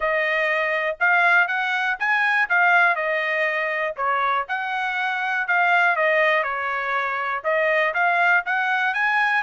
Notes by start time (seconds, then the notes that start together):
0.00 D#5
1.00 F5
1.47 F#5
1.99 G#5
2.49 F5
2.95 D#5
3.96 C#5
4.48 F#5
5.47 F5
5.96 D#5
6.43 C#5
7.44 D#5
7.94 F5
8.45 F#5
8.94 G#5